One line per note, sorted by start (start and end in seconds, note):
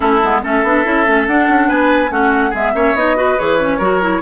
0.00 0.22 A3
0.00 0.21 C#4
0.00 0.41 E4
0.00 0.42 A4
0.23 0.43 G#3
0.23 0.43 B3
0.43 0.63 A3
0.43 0.64 C#4
0.43 1.68 A4
0.43 1.27 E5
0.63 0.84 B3
0.63 0.84 D4
0.84 1.06 C#4
0.84 1.05 E4
1.06 1.28 A3
1.06 1.27 C#4
1.27 1.48 D4
1.27 2.09 D4
1.27 1.69 F#5
1.48 1.69 C#4
1.68 2.10 B3
1.68 2.10 B4
1.68 2.11 G#5
2.09 2.52 A3
2.09 2.51 C#4
2.09 2.50 F#4
2.09 2.54 F#5
2.50 2.74 G#3
2.50 2.74 B3
2.50 2.71 G#4
2.50 2.96 E5
2.74 2.94 A#3
2.74 2.95 C#4
2.74 3.17 C#5
2.94 3.36 B3
2.94 3.16 D#4
2.94 3.38 D#5
3.16 3.37 F#4
3.16 3.78 B4
3.38 3.79 E3
3.38 3.58 G#4
3.38 4.22 C#5
3.58 3.79 C#4
3.78 4.21 F#3
3.78 4.01 F#4
3.78 4.20 A#4
4.01 4.22 E4